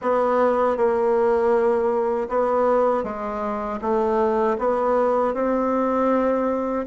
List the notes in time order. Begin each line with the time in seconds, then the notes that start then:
0.01 B3
0.76 A#3
2.29 B3
3.03 G#3
3.81 A3
4.58 B3
5.34 C4